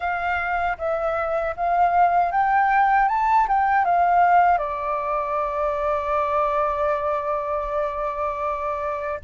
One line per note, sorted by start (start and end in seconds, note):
0.00 0.77 F5
0.78 1.55 E5
1.56 2.31 F5
2.31 3.08 G5
3.08 3.47 A5
3.48 3.84 G5
3.84 4.58 F5
4.58 9.19 D5